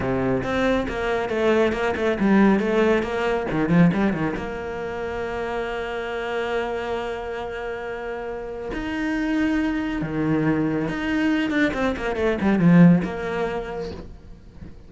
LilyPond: \new Staff \with { instrumentName = "cello" } { \time 4/4 \tempo 4 = 138 c4 c'4 ais4 a4 | ais8 a8 g4 a4 ais4 | dis8 f8 g8 dis8 ais2~ | ais1~ |
ais1 | dis'2. dis4~ | dis4 dis'4. d'8 c'8 ais8 | a8 g8 f4 ais2 | }